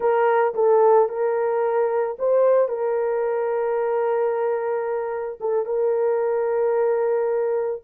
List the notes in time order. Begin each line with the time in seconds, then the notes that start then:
0.00 A#4
0.54 A4
1.08 A#4
2.18 C5
2.68 A#4
5.40 A4
5.65 A#4